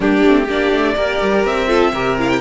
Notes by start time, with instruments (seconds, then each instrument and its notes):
0.00 cello G3, viola A#3, violin D4 G4
0.25 cello A3, viola C4
0.43 cello A#3, viola D4, violin G4
0.50 violin D5
0.71 cello A3
0.96 cello A#3, viola G4, violin A#4
1.21 cello G3
1.44 cello C4, violin E5
1.67 viola F4, violin A4
1.93 cello C3, viola G4, violin A#4
2.18 viola E4, violin F5
2.29 violin G5